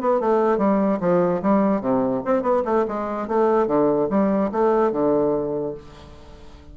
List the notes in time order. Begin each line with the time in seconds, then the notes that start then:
0.00 B3
0.20 A3
0.58 G3
1.00 F3
1.42 G3
1.81 C3
2.25 C4
2.42 B3
2.65 A3
2.87 G#3
3.27 A3
3.67 D3
4.09 G3
4.51 A3
4.91 D3